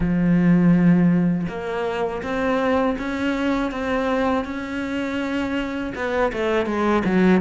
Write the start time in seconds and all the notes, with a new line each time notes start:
0.00 F3
1.48 A#3
2.22 C4
2.98 C#4
3.71 C4
4.44 C#4
5.95 B3
6.32 A3
6.65 G#3
7.04 F#3